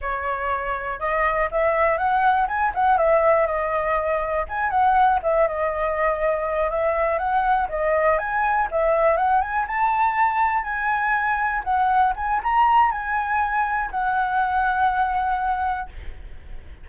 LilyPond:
\new Staff \with { instrumentName = "flute" } { \time 4/4 \tempo 4 = 121 cis''2 dis''4 e''4 | fis''4 gis''8 fis''8 e''4 dis''4~ | dis''4 gis''8 fis''4 e''8 dis''4~ | dis''4. e''4 fis''4 dis''8~ |
dis''8 gis''4 e''4 fis''8 gis''8 a''8~ | a''4. gis''2 fis''8~ | fis''8 gis''8 ais''4 gis''2 | fis''1 | }